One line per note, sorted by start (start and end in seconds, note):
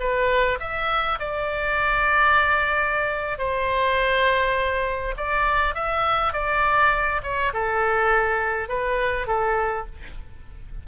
0.00 0.59 B4
0.60 1.19 E5
1.19 3.38 D5
3.38 5.15 C5
5.17 5.75 D5
5.75 6.33 E5
6.33 7.21 D5
7.23 7.52 C#5
7.53 8.68 A4
8.68 9.27 B4
9.27 9.86 A4